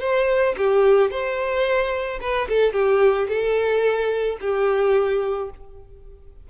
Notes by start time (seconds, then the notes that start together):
0.00 C5
0.57 G4
1.10 C5
2.20 B4
2.48 A4
2.72 G4
3.28 A4
4.40 G4